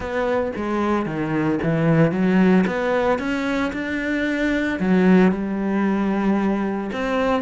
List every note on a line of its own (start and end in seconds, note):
0.00 0.52 B3
0.56 1.06 G#3
1.06 1.59 D#3
1.62 2.11 E3
2.11 2.65 F#3
2.66 3.19 B3
3.19 3.72 C#4
3.72 4.79 D4
4.79 5.31 F#3
5.31 6.91 G3
6.92 7.42 C4